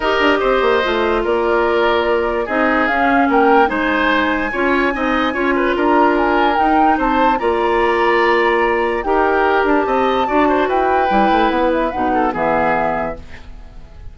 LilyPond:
<<
  \new Staff \with { instrumentName = "flute" } { \time 4/4 \tempo 4 = 146 dis''2. d''4~ | d''2 dis''4 f''4 | g''4 gis''2.~ | gis''2 ais''4 gis''4 |
g''4 a''4 ais''2~ | ais''2 g''4. a''8~ | a''2 g''2 | fis''8 e''8 fis''4 e''2 | }
  \new Staff \with { instrumentName = "oboe" } { \time 4/4 ais'4 c''2 ais'4~ | ais'2 gis'2 | ais'4 c''2 cis''4 | dis''4 cis''8 b'8 ais'2~ |
ais'4 c''4 d''2~ | d''2 ais'2 | dis''4 d''8 c''8 b'2~ | b'4. a'8 gis'2 | }
  \new Staff \with { instrumentName = "clarinet" } { \time 4/4 g'2 f'2~ | f'2 dis'4 cis'4~ | cis'4 dis'2 f'4 | dis'4 f'2. |
dis'2 f'2~ | f'2 g'2~ | g'4 fis'2 e'4~ | e'4 dis'4 b2 | }
  \new Staff \with { instrumentName = "bassoon" } { \time 4/4 dis'8 d'8 c'8 ais8 a4 ais4~ | ais2 c'4 cis'4 | ais4 gis2 cis'4 | c'4 cis'4 d'2 |
dis'4 c'4 ais2~ | ais2 dis'4. d'8 | c'4 d'4 e'4 g8 a8 | b4 b,4 e2 | }
>>